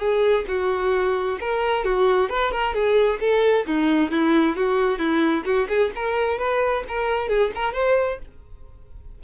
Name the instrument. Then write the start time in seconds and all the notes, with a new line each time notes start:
violin
0.00 G#4
0.48 F#4
1.41 A#4
1.85 F#4
2.30 B4
2.52 A#4
2.75 G#4
3.21 A4
3.67 D#4
4.11 E4
4.57 F#4
4.99 E4
5.46 F#4
5.69 G#4
5.96 A#4
6.39 B4
6.89 A#4
7.29 G#4
7.56 A#4
7.74 C5